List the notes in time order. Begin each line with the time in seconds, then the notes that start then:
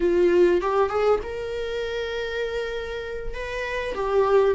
0.00 F4
0.61 G4
0.89 G#4
1.23 A#4
3.33 B4
3.94 G4